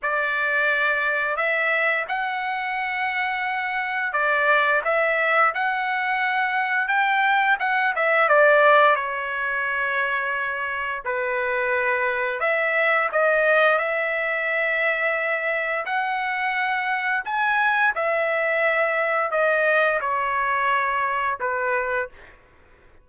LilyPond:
\new Staff \with { instrumentName = "trumpet" } { \time 4/4 \tempo 4 = 87 d''2 e''4 fis''4~ | fis''2 d''4 e''4 | fis''2 g''4 fis''8 e''8 | d''4 cis''2. |
b'2 e''4 dis''4 | e''2. fis''4~ | fis''4 gis''4 e''2 | dis''4 cis''2 b'4 | }